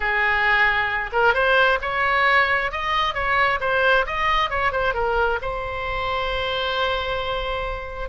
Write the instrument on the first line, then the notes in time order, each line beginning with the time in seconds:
oboe
0.00 G#4
1.12 A#4
1.33 C5
1.81 C#5
2.71 D#5
3.14 C#5
3.60 C5
4.06 D#5
4.49 C#5
4.71 C5
4.94 A#4
5.41 C5